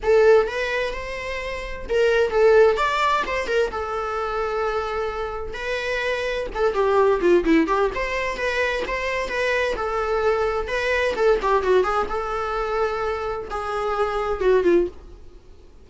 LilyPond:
\new Staff \with { instrumentName = "viola" } { \time 4/4 \tempo 4 = 129 a'4 b'4 c''2 | ais'4 a'4 d''4 c''8 ais'8 | a'1 | b'2 a'8 g'4 f'8 |
e'8 g'8 c''4 b'4 c''4 | b'4 a'2 b'4 | a'8 g'8 fis'8 gis'8 a'2~ | a'4 gis'2 fis'8 f'8 | }